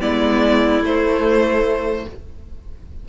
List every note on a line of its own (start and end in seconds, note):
0.00 0.82 G#3
0.00 0.83 B3
0.00 2.05 E4
0.00 0.83 D5
0.82 2.05 A3
0.82 2.09 A3
0.82 2.09 C5